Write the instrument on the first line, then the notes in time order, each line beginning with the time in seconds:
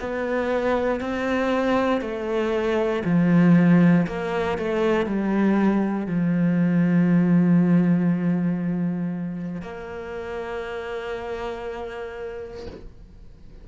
cello
0.00 B3
1.01 C4
2.02 A3
3.05 F3
4.07 A#3
4.58 A3
5.06 G3
6.06 F3
9.61 A#3